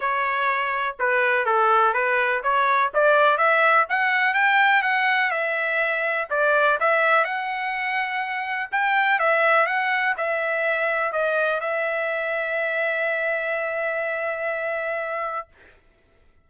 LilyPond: \new Staff \with { instrumentName = "trumpet" } { \time 4/4 \tempo 4 = 124 cis''2 b'4 a'4 | b'4 cis''4 d''4 e''4 | fis''4 g''4 fis''4 e''4~ | e''4 d''4 e''4 fis''4~ |
fis''2 g''4 e''4 | fis''4 e''2 dis''4 | e''1~ | e''1 | }